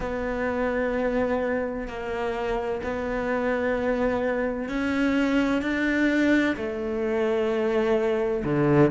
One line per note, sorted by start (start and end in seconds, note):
0.00 1.87 B3
1.87 2.81 A#3
2.83 4.68 B3
4.68 5.62 C#4
5.62 6.55 D4
6.56 8.43 A3
8.44 8.90 D3